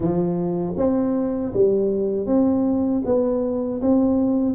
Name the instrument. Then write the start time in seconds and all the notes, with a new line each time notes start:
tuba
0.00 F3
0.77 C4
1.53 G3
2.26 C4
3.05 B3
3.81 C4